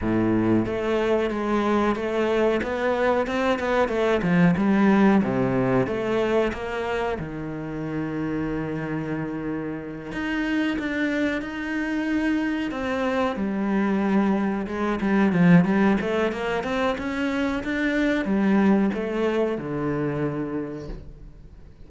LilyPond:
\new Staff \with { instrumentName = "cello" } { \time 4/4 \tempo 4 = 92 a,4 a4 gis4 a4 | b4 c'8 b8 a8 f8 g4 | c4 a4 ais4 dis4~ | dis2.~ dis8 dis'8~ |
dis'8 d'4 dis'2 c'8~ | c'8 g2 gis8 g8 f8 | g8 a8 ais8 c'8 cis'4 d'4 | g4 a4 d2 | }